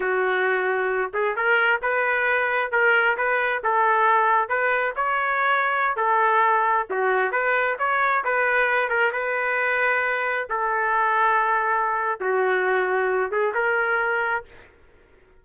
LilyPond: \new Staff \with { instrumentName = "trumpet" } { \time 4/4 \tempo 4 = 133 fis'2~ fis'8 gis'8 ais'4 | b'2 ais'4 b'4 | a'2 b'4 cis''4~ | cis''4~ cis''16 a'2 fis'8.~ |
fis'16 b'4 cis''4 b'4. ais'16~ | ais'16 b'2. a'8.~ | a'2. fis'4~ | fis'4. gis'8 ais'2 | }